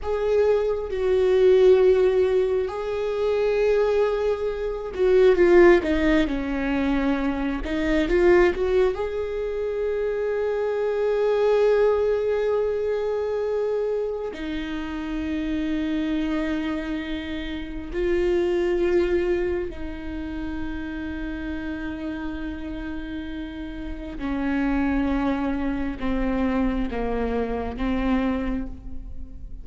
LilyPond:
\new Staff \with { instrumentName = "viola" } { \time 4/4 \tempo 4 = 67 gis'4 fis'2 gis'4~ | gis'4. fis'8 f'8 dis'8 cis'4~ | cis'8 dis'8 f'8 fis'8 gis'2~ | gis'1 |
dis'1 | f'2 dis'2~ | dis'2. cis'4~ | cis'4 c'4 ais4 c'4 | }